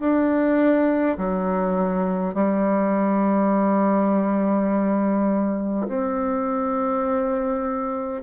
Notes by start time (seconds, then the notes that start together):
0.00 D4
1.18 F#3
2.35 G3
5.88 C4